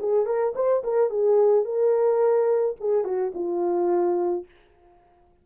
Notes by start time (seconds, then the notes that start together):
0.00 G#4
0.26 A#4
0.56 C5
0.84 A#4
1.10 G#4
1.65 A#4
2.81 G#4
3.05 F#4
3.35 F4